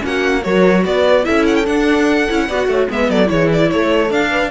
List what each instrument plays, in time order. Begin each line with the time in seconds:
0.00 cello A#3, viola C#4, horn F#4, violin F#5
0.43 cello F#3, viola F#4, horn A#4, violin C#5
0.85 cello B3, horn B4, violin D5
1.24 cello C#4, viola E4, horn A4, violin E5
1.46 violin F#5
1.56 violin G5
1.66 viola D4, cello D4, violin F#5
2.29 cello C#4, viola E4
2.48 cello B3, viola F#4, horn D5
2.67 cello A3, horn C#5
2.89 cello G#3, viola B3, horn B4, violin E5
3.10 cello F#3, horn A4, violin D5
3.26 cello E3, viola E4, horn G#4, violin C#5
3.53 violin D5
3.71 cello A3, horn A4, violin C#5
4.11 cello D4, viola D4, violin F5
4.31 horn B4